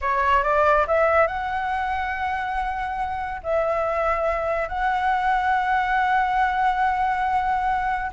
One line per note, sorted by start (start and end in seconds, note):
0.01 0.43 C#5
0.43 0.86 D5
0.87 1.27 E5
1.27 3.41 F#5
3.43 4.68 E5
4.68 8.11 F#5